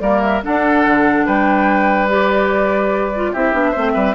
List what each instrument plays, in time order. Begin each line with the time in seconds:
0.00 bassoon G3, clarinet A#3, oboe A#4, flute D5
0.22 flute E5
0.43 clarinet D4, bassoon D4, oboe A4, flute F#5
0.86 bassoon D3
1.26 bassoon G3, oboe B4, flute G5
2.08 clarinet G4, flute D5
3.15 clarinet F4
3.32 bassoon C4, clarinet E4, oboe G4, flute E5
3.52 bassoon B3, clarinet D4
3.71 bassoon A3, clarinet C4, oboe C5
3.94 bassoon G3, oboe B4